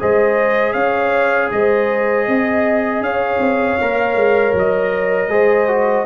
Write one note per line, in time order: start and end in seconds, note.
0.00 0.75 G#3
0.00 3.80 G#4
0.00 0.74 C5
0.00 0.73 D#5
0.73 1.51 C#4
0.73 1.50 C#5
0.73 1.49 F5
1.52 2.28 G#3
1.52 2.28 C5
1.52 3.03 D#5
2.28 3.01 C4
2.28 3.04 D#5
3.01 3.39 C#4
3.01 5.31 C#5
3.01 4.55 F5
3.40 3.78 C4
3.81 4.15 A#3
3.81 5.30 A#4
4.15 4.53 G#3
4.54 5.29 F#3
4.54 6.06 D#5
5.29 6.05 G#3
5.29 5.68 G#4
5.29 6.06 C5
5.68 6.06 F#4